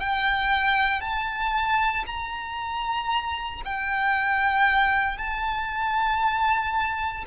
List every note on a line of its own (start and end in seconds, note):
0.00 1.01 G5
1.01 2.05 A5
2.07 3.62 A#5
3.65 5.18 G5
5.18 7.25 A5